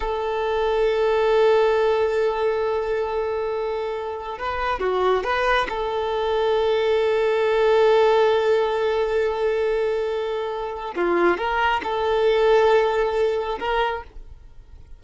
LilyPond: \new Staff \with { instrumentName = "violin" } { \time 4/4 \tempo 4 = 137 a'1~ | a'1~ | a'2 b'4 fis'4 | b'4 a'2.~ |
a'1~ | a'1~ | a'4 f'4 ais'4 a'4~ | a'2. ais'4 | }